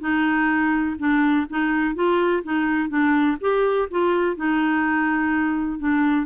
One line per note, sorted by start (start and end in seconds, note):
0.00 0.96 D#4
0.99 1.47 D4
1.49 1.95 D#4
1.95 2.43 F4
2.43 2.89 D#4
2.89 3.37 D4
3.41 3.89 G4
3.90 4.36 F4
4.36 5.79 D#4
5.79 6.26 D4